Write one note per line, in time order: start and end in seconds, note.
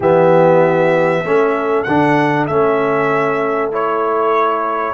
0.00 1.23 E3
0.00 1.25 B3
0.00 1.23 G4
0.00 1.83 E5
1.23 1.85 A3
1.23 1.86 C#4
1.23 4.94 A4
1.83 2.48 D3
1.83 2.49 D4
1.83 2.45 F#5
2.47 4.94 A3
2.47 3.71 C#4
2.47 3.70 E5
3.71 4.94 E4
3.71 4.94 C#5